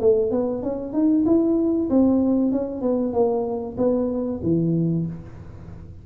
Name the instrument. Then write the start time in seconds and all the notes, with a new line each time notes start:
tuba
0.00 A3
0.31 B3
0.62 C#4
0.93 D#4
1.26 E4
1.90 C4
2.52 C#4
2.82 B3
3.13 A#3
3.77 B3
4.43 E3